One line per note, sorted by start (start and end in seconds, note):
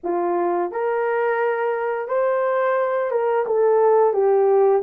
0.03 0.71 F4
0.71 2.08 A#4
2.08 3.10 C5
3.10 3.45 A#4
3.46 4.13 A4
4.13 4.82 G4